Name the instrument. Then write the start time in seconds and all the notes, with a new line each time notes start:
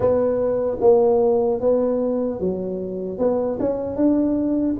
tuba
0.00 B3
0.80 A#3
1.60 B3
2.40 F#3
3.18 B3
3.59 C#4
3.96 D4